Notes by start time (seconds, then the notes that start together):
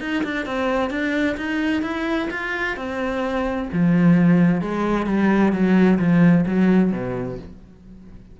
0.00 D#4
0.24 D4
0.46 C4
0.90 D4
1.37 D#4
1.82 E4
2.30 F4
2.77 C4
3.72 F3
4.62 G#3
5.06 G3
5.52 F#3
5.99 F3
6.46 F#3
6.92 B2